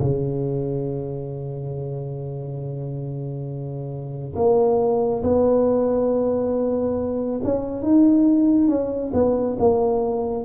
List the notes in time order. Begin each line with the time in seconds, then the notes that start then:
0.00 C#3
4.36 A#3
5.24 B3
7.44 C#4
7.83 D#4
8.68 C#4
9.13 B3
9.59 A#3